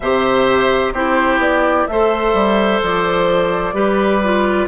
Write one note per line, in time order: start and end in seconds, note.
0.00 0.92 C3
0.00 0.95 G4
0.00 0.93 C5
0.00 0.92 E5
0.92 1.37 C4
0.92 1.88 E4
0.92 1.87 G4
0.92 1.39 C5
1.37 1.84 B3
1.37 1.87 D5
1.87 2.33 A3
1.87 3.74 A4
1.87 3.74 C5
1.87 2.80 E5
2.33 2.80 G3
2.81 3.73 F3
2.81 4.68 D5
3.73 4.66 G3
3.73 4.21 G4
3.73 4.68 B4
4.23 4.68 F4